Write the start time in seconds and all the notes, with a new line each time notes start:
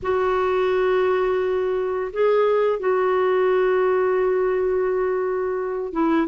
0.02 F#4
2.12 G#4
2.79 F#4
5.92 E4